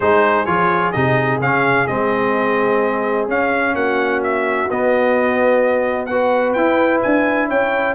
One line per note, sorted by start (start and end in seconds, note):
0.00 0.46 G#3
0.00 0.46 D#4
0.00 3.75 G#4
0.00 0.45 C5
0.45 0.93 F3
0.45 0.93 F4
0.45 0.92 C#5
0.92 1.39 C3
0.92 1.40 D#4
0.92 1.38 D#5
1.39 1.86 C#3
1.39 1.88 C#4
1.39 1.87 F5
1.87 3.28 G#3
1.87 3.28 C4
1.87 3.27 D#5
3.28 3.75 C#4
3.28 4.69 C#4
3.28 3.75 F5
3.75 4.68 A#3
3.75 6.10 F#4
3.75 4.21 F#5
4.23 4.70 E5
4.70 6.55 B3
4.70 6.10 B3
4.70 6.05 D#5
6.05 6.57 F#4
6.05 7.48 B4
6.05 6.52 F#5
6.53 7.02 E4
6.53 7.94 E4
6.53 7.00 G5
7.02 7.51 D4
7.02 7.49 G#5
7.48 7.94 C#4
7.48 7.94 C#5
7.48 7.94 G5